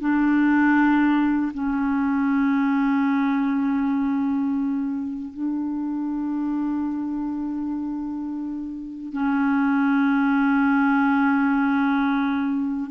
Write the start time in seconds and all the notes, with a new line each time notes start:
0.00 D4
1.54 C#4
5.33 D4
9.13 C#4